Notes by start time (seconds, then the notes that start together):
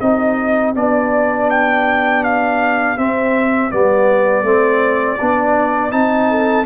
0.00 C4 D#4 G4 D#5
0.75 B3 D4 D5
1.50 G5
2.24 F5
2.97 C4 E5
3.70 G3 B3 D5
4.43 A3 C4
5.20 B3 D4
5.91 C4 D#4 A5
6.30 A4